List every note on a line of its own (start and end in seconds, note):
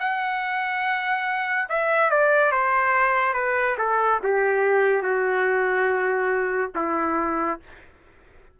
0.00 1.69 F#5
1.70 2.11 E5
2.11 2.52 D5
2.52 3.34 C5
3.34 3.76 B4
3.78 4.21 A4
4.23 5.03 G4
5.03 6.72 F#4
6.76 7.60 E4